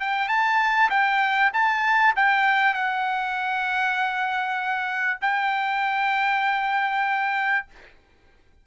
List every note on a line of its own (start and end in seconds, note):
0.00 0.28 G5
0.28 0.90 A5
0.90 1.51 G5
1.53 2.15 A5
2.16 2.74 G5
2.74 5.19 F#5
5.21 7.66 G5